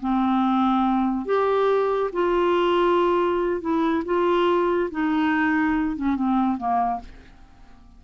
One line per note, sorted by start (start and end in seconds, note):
0.00 1.25 C4
1.25 2.10 G4
2.13 3.61 F4
3.61 4.03 E4
4.05 4.90 F4
4.91 5.96 D#4
5.96 6.15 C#4
6.15 6.57 C4
6.57 7.00 A#3